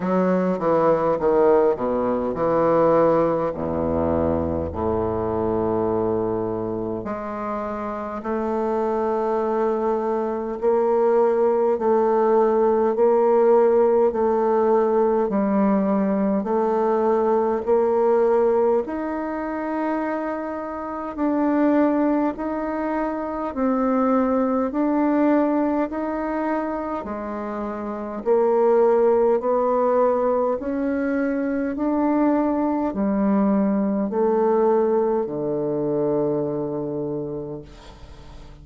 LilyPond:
\new Staff \with { instrumentName = "bassoon" } { \time 4/4 \tempo 4 = 51 fis8 e8 dis8 b,8 e4 e,4 | a,2 gis4 a4~ | a4 ais4 a4 ais4 | a4 g4 a4 ais4 |
dis'2 d'4 dis'4 | c'4 d'4 dis'4 gis4 | ais4 b4 cis'4 d'4 | g4 a4 d2 | }